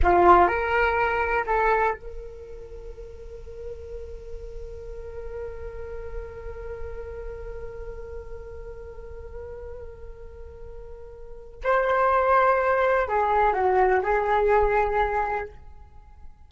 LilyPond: \new Staff \with { instrumentName = "flute" } { \time 4/4 \tempo 4 = 124 f'4 ais'2 a'4 | ais'1~ | ais'1~ | ais'1~ |
ais'1~ | ais'1 | c''2. gis'4 | fis'4 gis'2. | }